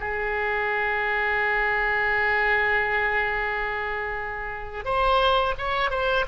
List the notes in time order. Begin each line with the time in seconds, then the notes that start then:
0.00 G#4
4.85 C5
5.58 C#5
5.90 C5